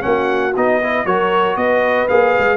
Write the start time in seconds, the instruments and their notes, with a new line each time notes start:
0.00 tuba A#3, trombone C#4, horn F#4, trumpet F#5
0.55 tuba B3, trombone D#4, trumpet D#5
0.82 trombone E4, horn B4
1.05 tuba F#3, trombone F#4, horn A#4, trumpet C#5
1.56 tuba B3, horn B4, trumpet D#5
2.08 tuba A#3, trombone G#4, trumpet F5
2.38 tuba G#3